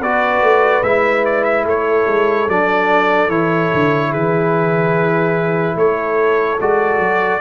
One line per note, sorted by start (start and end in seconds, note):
0.00 0.42 B3
0.00 0.84 F#4
0.00 1.64 B4
0.00 0.83 D5
0.42 0.83 A3
0.83 1.65 G#3
0.83 2.48 E4
0.83 1.24 E5
1.26 1.44 D5
1.44 1.65 E5
1.65 2.06 A3
1.65 4.10 A4
1.65 2.49 C#5
2.07 2.48 G#3
2.48 3.29 F#3
2.48 3.29 D4
2.48 3.30 D5
3.29 3.70 E3
3.29 6.58 E4
3.29 4.12 C#5
3.74 4.14 D3
4.10 5.76 E3
4.10 5.74 G#4
4.10 5.77 B4
5.76 6.58 A3
5.76 7.41 A4
5.76 6.60 C#5
6.60 6.99 G#3
6.60 7.41 F#4
6.60 7.41 D5
6.99 7.40 F#3